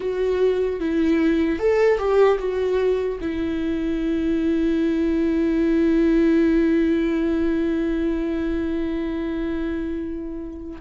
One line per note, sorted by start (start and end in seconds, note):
0.00 0.80 F#4
0.80 1.59 E4
1.59 1.98 A4
1.98 2.38 G4
2.38 3.18 F#4
3.20 10.80 E4